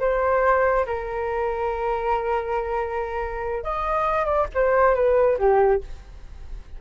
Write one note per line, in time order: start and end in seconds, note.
0.00 0.86 C5
0.86 3.64 A#4
3.64 4.25 D#5
4.25 4.46 D5
4.54 4.95 C5
4.95 5.38 B4
5.38 5.81 G4